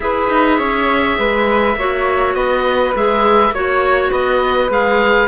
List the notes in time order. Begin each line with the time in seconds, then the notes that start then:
0.00 E4 G#4 B4 E5
0.29 D#4
0.58 C#4 C#5
1.18 G#3 B4
1.75 A#3 F#4 C#5
2.34 B3 B4 D#5
2.93 G#3 G#4 E5
3.50 A#3 F#4 C#5
4.10 B3 B4 D#5
4.69 G#3 G#4 F5